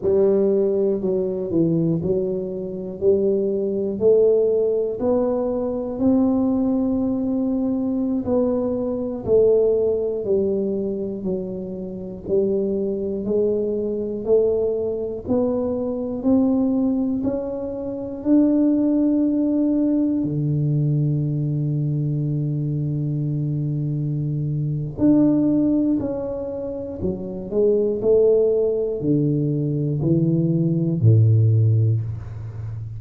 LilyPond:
\new Staff \with { instrumentName = "tuba" } { \time 4/4 \tempo 4 = 60 g4 fis8 e8 fis4 g4 | a4 b4 c'2~ | c'16 b4 a4 g4 fis8.~ | fis16 g4 gis4 a4 b8.~ |
b16 c'4 cis'4 d'4.~ d'16~ | d'16 d2.~ d8.~ | d4 d'4 cis'4 fis8 gis8 | a4 d4 e4 a,4 | }